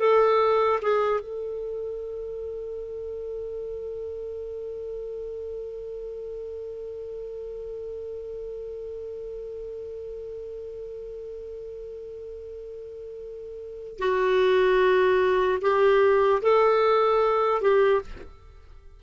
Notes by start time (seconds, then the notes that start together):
0.00 A4
0.82 G#4
1.21 A4
13.99 F#4
15.62 G4
16.42 A4
17.62 G4